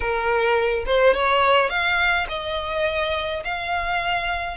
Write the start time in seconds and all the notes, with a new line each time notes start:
0.00 A#4
0.85 C5
1.14 C#5
1.69 F5
2.29 D#5
3.44 F5